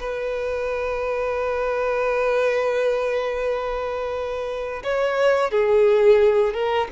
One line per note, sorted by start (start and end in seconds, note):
0.00 4.83 B4
4.84 5.51 C#5
5.51 6.54 G#4
6.54 6.88 A#4